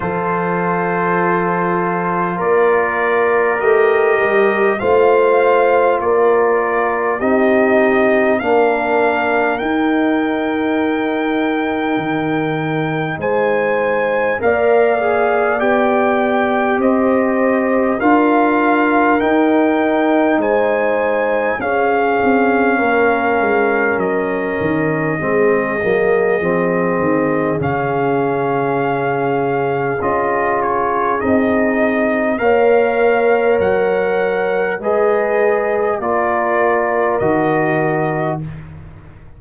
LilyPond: <<
  \new Staff \with { instrumentName = "trumpet" } { \time 4/4 \tempo 4 = 50 c''2 d''4 dis''4 | f''4 d''4 dis''4 f''4 | g''2. gis''4 | f''4 g''4 dis''4 f''4 |
g''4 gis''4 f''2 | dis''2. f''4~ | f''4 dis''8 cis''8 dis''4 f''4 | fis''4 dis''4 d''4 dis''4 | }
  \new Staff \with { instrumentName = "horn" } { \time 4/4 a'2 ais'2 | c''4 ais'4 g'4 ais'4~ | ais'2. c''4 | d''2 c''4 ais'4~ |
ais'4 c''4 gis'4 ais'4~ | ais'4 gis'2.~ | gis'2. cis''4~ | cis''4 b'4 ais'2 | }
  \new Staff \with { instrumentName = "trombone" } { \time 4/4 f'2. g'4 | f'2 dis'4 d'4 | dis'1 | ais'8 gis'8 g'2 f'4 |
dis'2 cis'2~ | cis'4 c'8 ais8 c'4 cis'4~ | cis'4 f'4 dis'4 ais'4~ | ais'4 gis'4 f'4 fis'4 | }
  \new Staff \with { instrumentName = "tuba" } { \time 4/4 f2 ais4 a8 g8 | a4 ais4 c'4 ais4 | dis'2 dis4 gis4 | ais4 b4 c'4 d'4 |
dis'4 gis4 cis'8 c'8 ais8 gis8 | fis8 dis8 gis8 fis8 f8 dis8 cis4~ | cis4 cis'4 c'4 ais4 | fis4 gis4 ais4 dis4 | }
>>